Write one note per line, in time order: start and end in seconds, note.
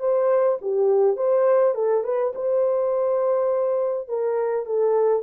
0.00 0.58 C5
0.62 1.17 G4
1.17 1.75 C5
1.75 2.04 A4
2.04 2.33 B4
2.35 4.08 C5
4.08 4.66 A#4
4.66 5.23 A4